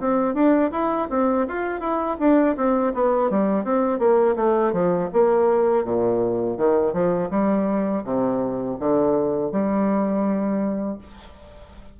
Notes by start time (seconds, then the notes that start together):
0.00 C4
0.34 D4
0.72 E4
1.10 C4
1.48 F4
1.80 E4
2.19 D4
2.56 C4
2.94 B3
3.30 G3
3.65 C4
3.99 A#3
4.36 A3
4.73 F3
5.13 A#3
5.85 A#2
6.58 D#3
6.93 F3
7.30 G3
8.04 C3
8.79 D3
9.52 G3